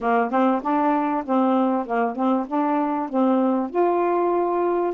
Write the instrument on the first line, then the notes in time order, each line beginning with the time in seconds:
saxophone
0.01 A#3
0.30 C4
0.62 D4
1.25 C4
1.86 A#3
2.15 C4
2.47 D4
3.09 C4
3.70 F4